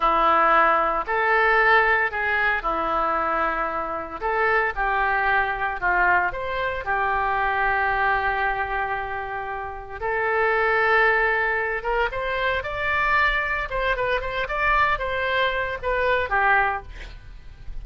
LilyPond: \new Staff \with { instrumentName = "oboe" } { \time 4/4 \tempo 4 = 114 e'2 a'2 | gis'4 e'2. | a'4 g'2 f'4 | c''4 g'2.~ |
g'2. a'4~ | a'2~ a'8 ais'8 c''4 | d''2 c''8 b'8 c''8 d''8~ | d''8 c''4. b'4 g'4 | }